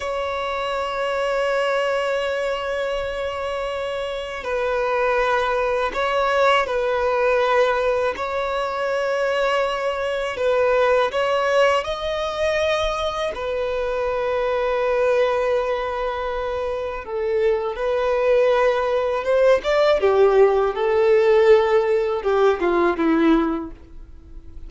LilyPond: \new Staff \with { instrumentName = "violin" } { \time 4/4 \tempo 4 = 81 cis''1~ | cis''2 b'2 | cis''4 b'2 cis''4~ | cis''2 b'4 cis''4 |
dis''2 b'2~ | b'2. a'4 | b'2 c''8 d''8 g'4 | a'2 g'8 f'8 e'4 | }